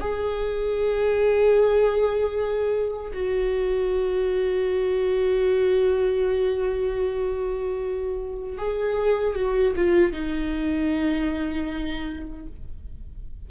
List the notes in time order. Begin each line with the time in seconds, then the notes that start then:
0.00 G#4
3.13 F#4
8.58 G#4
9.35 F#4
9.76 F4
10.12 D#4